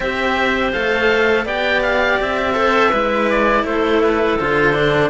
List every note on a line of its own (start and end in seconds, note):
0.00 0.73 C4
0.00 0.72 G4
0.00 1.45 C5
0.00 0.72 E5
0.72 1.45 A3
0.72 1.45 A4
0.72 1.46 F5
1.45 2.18 B3
1.45 2.54 G4
1.45 2.54 D5
1.45 1.82 G5
1.82 2.19 F5
2.20 2.92 C4
2.20 3.30 E5
2.54 2.90 A4
2.54 2.89 C5
2.89 3.63 G#3
2.89 4.39 E4
2.89 3.62 B4
3.30 3.65 D5
3.63 4.36 A3
3.63 5.10 A4
3.63 4.02 C5
4.02 4.38 B4
4.39 5.10 D3
4.39 4.73 F4
4.39 5.10 C5
4.73 5.10 D4